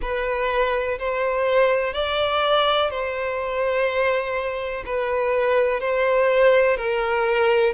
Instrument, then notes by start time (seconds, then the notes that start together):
violin
0.01 B4
0.99 C5
1.93 D5
2.90 C5
4.85 B4
5.80 C5
6.76 A#4